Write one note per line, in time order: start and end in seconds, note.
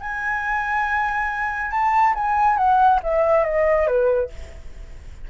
0.00 1.71 G#5
1.71 2.14 A5
2.14 2.57 G#5
2.57 3.00 F#5
3.03 3.44 E5
3.44 3.87 D#5
3.87 4.30 B4